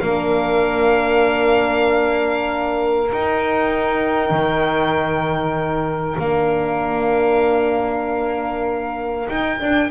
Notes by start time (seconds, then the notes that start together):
0.00 A#3 D4 A#4 F5
3.12 D#4 G5
4.31 D#3
6.19 A#3 D4 F5
9.27 D#4 G5
9.60 D4